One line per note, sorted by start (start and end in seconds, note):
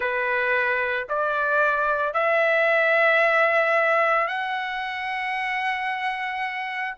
0.00 1.07 B4
1.09 2.13 D5
2.13 4.27 E5
4.27 6.95 F#5